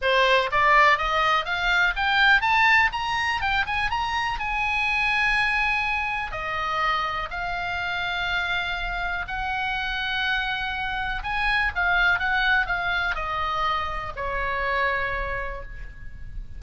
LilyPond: \new Staff \with { instrumentName = "oboe" } { \time 4/4 \tempo 4 = 123 c''4 d''4 dis''4 f''4 | g''4 a''4 ais''4 g''8 gis''8 | ais''4 gis''2.~ | gis''4 dis''2 f''4~ |
f''2. fis''4~ | fis''2. gis''4 | f''4 fis''4 f''4 dis''4~ | dis''4 cis''2. | }